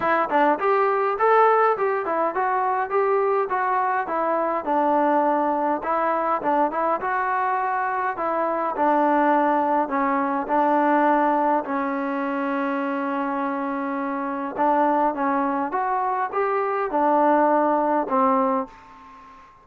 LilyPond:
\new Staff \with { instrumentName = "trombone" } { \time 4/4 \tempo 4 = 103 e'8 d'8 g'4 a'4 g'8 e'8 | fis'4 g'4 fis'4 e'4 | d'2 e'4 d'8 e'8 | fis'2 e'4 d'4~ |
d'4 cis'4 d'2 | cis'1~ | cis'4 d'4 cis'4 fis'4 | g'4 d'2 c'4 | }